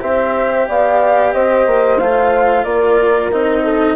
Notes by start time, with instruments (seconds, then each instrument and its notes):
0.00 bassoon C4, cello G4, horn C5, flute E5
0.69 bassoon B3, horn D5, flute F5
1.34 bassoon C4, horn C5, flute D#5
1.67 bassoon A#3
1.99 bassoon A3, cello F4, flute F5
2.65 bassoon A#3, horn A#4, flute D5
3.32 bassoon C4, cello D#4, flute D#5
3.65 horn A4